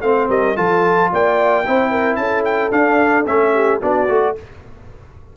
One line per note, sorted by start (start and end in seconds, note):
0.00 0.28 A3
0.00 0.55 C4
0.00 0.29 C5
0.00 0.27 F5
0.29 0.56 G3
0.29 0.56 A#4
0.29 0.56 D#5
0.55 1.11 F3
0.55 1.63 F4
0.55 1.10 A4
0.55 1.10 A5
1.12 1.66 A#3
1.12 1.66 D5
1.12 2.15 G5
1.66 2.16 C4
1.66 2.71 E4
1.66 1.91 C5
1.91 2.18 A#4
2.15 2.70 C#4
2.15 3.53 A4
2.15 2.42 A5
2.44 2.71 G5
2.71 3.25 D4
2.71 3.26 D4
2.71 3.25 F5
3.26 3.81 A3
3.26 3.80 C#4
3.26 3.80 E5
3.53 3.80 G4
3.80 4.08 B3
3.80 4.08 D4
3.80 4.34 F#4
3.80 4.36 D5
4.08 4.35 A3
4.08 4.35 F#4